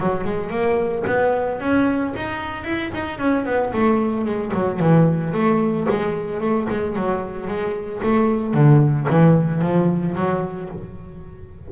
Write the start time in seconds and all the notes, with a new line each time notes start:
0.00 F#3
0.25 G#3
0.51 A#3
1.07 B3
1.61 C#4
2.17 D#4
2.65 E4
2.94 D#4
3.19 C#4
3.46 B3
3.74 A3
4.26 G#3
4.54 F#3
4.80 E3
5.34 A3
5.90 G#3
6.41 A3
6.70 G#3
6.96 F#3
7.48 G#3
8.04 A3
8.54 D3
9.10 E3
9.62 F3
10.16 F#3